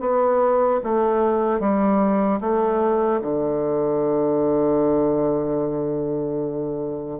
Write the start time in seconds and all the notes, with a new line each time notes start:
0.00 B3
0.83 A3
1.60 G3
2.40 A3
3.21 D3